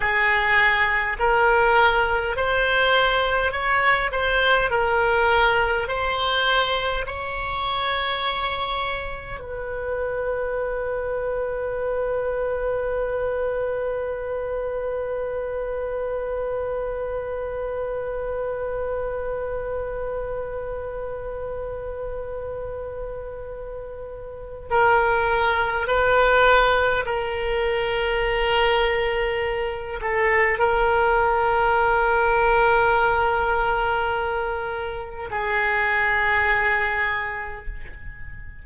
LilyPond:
\new Staff \with { instrumentName = "oboe" } { \time 4/4 \tempo 4 = 51 gis'4 ais'4 c''4 cis''8 c''8 | ais'4 c''4 cis''2 | b'1~ | b'1~ |
b'1~ | b'4 ais'4 b'4 ais'4~ | ais'4. a'8 ais'2~ | ais'2 gis'2 | }